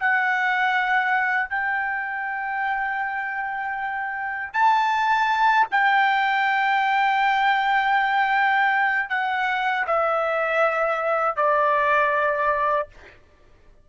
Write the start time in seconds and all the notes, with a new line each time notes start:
0.00 F#5
1.49 G5
4.53 A5
5.71 G5
9.10 F#5
9.87 E5
11.36 D5